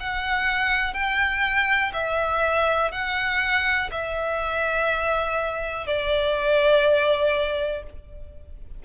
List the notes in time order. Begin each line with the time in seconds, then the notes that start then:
0.00 F#5
0.94 G5
1.94 E5
2.92 F#5
3.91 E5
5.87 D5